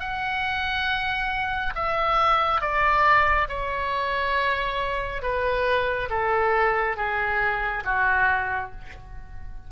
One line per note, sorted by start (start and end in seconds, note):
0.00 1.74 F#5
1.75 2.61 E5
2.61 3.48 D5
3.48 5.22 C#5
5.22 6.09 B4
6.10 6.96 A4
6.96 7.83 G#4
7.85 8.72 F#4